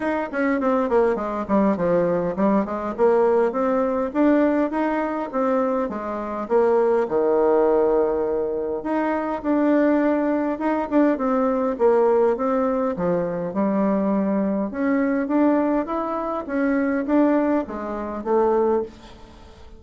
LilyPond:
\new Staff \with { instrumentName = "bassoon" } { \time 4/4 \tempo 4 = 102 dis'8 cis'8 c'8 ais8 gis8 g8 f4 | g8 gis8 ais4 c'4 d'4 | dis'4 c'4 gis4 ais4 | dis2. dis'4 |
d'2 dis'8 d'8 c'4 | ais4 c'4 f4 g4~ | g4 cis'4 d'4 e'4 | cis'4 d'4 gis4 a4 | }